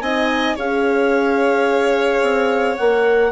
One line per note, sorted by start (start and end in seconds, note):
0.00 0.55 C4
0.00 0.57 D#4
0.00 0.55 D#5
0.00 0.55 G#5
0.55 2.22 C#4
0.55 2.77 G#4
0.55 3.30 C#5
0.55 2.76 F5
2.22 2.77 C4
2.76 3.31 A#3
2.76 3.31 A#4
2.76 3.31 F#5